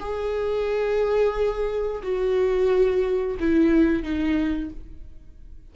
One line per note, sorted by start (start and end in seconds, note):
0.00 2.02 G#4
2.03 3.38 F#4
3.40 4.03 E4
4.03 4.70 D#4